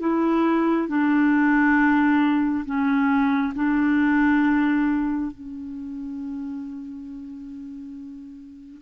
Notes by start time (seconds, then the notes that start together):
0.00 E4
0.89 D4
2.66 C#4
3.55 D4
5.31 C#4